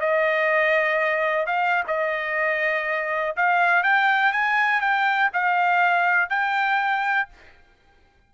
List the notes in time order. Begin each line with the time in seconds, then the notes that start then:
0.00 D#5
1.46 F5
1.87 D#5
3.36 F5
3.83 G5
4.32 G#5
4.80 G5
5.33 F5
6.29 G5